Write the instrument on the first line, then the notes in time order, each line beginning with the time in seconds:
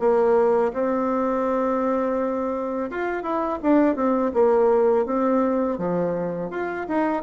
bassoon
0.00 A#3
0.73 C4
2.91 F4
3.23 E4
3.62 D4
3.96 C4
4.34 A#3
5.06 C4
5.78 F3
6.51 F4
6.88 D#4